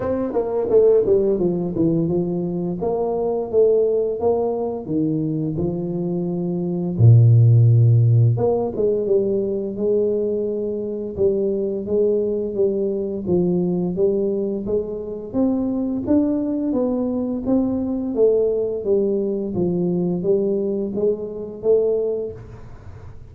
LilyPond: \new Staff \with { instrumentName = "tuba" } { \time 4/4 \tempo 4 = 86 c'8 ais8 a8 g8 f8 e8 f4 | ais4 a4 ais4 dis4 | f2 ais,2 | ais8 gis8 g4 gis2 |
g4 gis4 g4 f4 | g4 gis4 c'4 d'4 | b4 c'4 a4 g4 | f4 g4 gis4 a4 | }